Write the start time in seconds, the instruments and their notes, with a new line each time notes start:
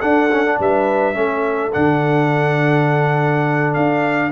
0.00 trombone D4, tuba D4, horn A4, trumpet F#5
0.31 trombone C#4
0.45 trombone D4
0.58 tuba G3, horn B4, trumpet E5
1.14 tuba A3, trombone C#4, horn A4
1.72 tuba D3, trombone D4, trumpet F#5
3.74 tuba D4, trumpet F5